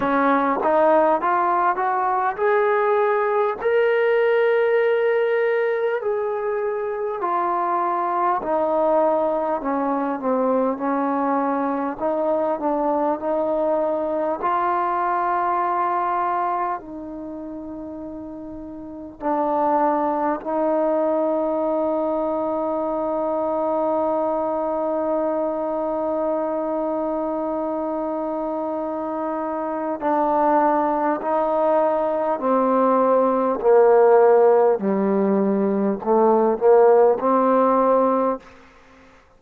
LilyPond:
\new Staff \with { instrumentName = "trombone" } { \time 4/4 \tempo 4 = 50 cis'8 dis'8 f'8 fis'8 gis'4 ais'4~ | ais'4 gis'4 f'4 dis'4 | cis'8 c'8 cis'4 dis'8 d'8 dis'4 | f'2 dis'2 |
d'4 dis'2.~ | dis'1~ | dis'4 d'4 dis'4 c'4 | ais4 g4 a8 ais8 c'4 | }